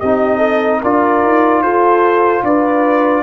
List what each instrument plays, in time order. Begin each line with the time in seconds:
0.00 tuba C4, trombone D#4, horn G4, trumpet D#5
0.38 horn A4
0.82 tuba D4, trombone F4, horn A#4, trumpet D5
1.23 tuba D#4
1.61 tuba F4, horn A4, trumpet C5
2.43 tuba D4, horn B4, trumpet D5